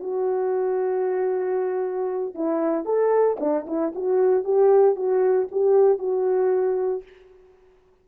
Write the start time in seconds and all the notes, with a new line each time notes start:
0.00 F#4
2.35 E4
2.85 A4
3.40 D4
3.67 E4
3.95 F#4
4.44 G4
4.96 F#4
5.51 G4
5.99 F#4